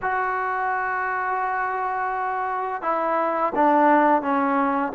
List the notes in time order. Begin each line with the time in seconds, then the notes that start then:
0.02 F#4
2.82 E4
3.55 D4
4.22 C#4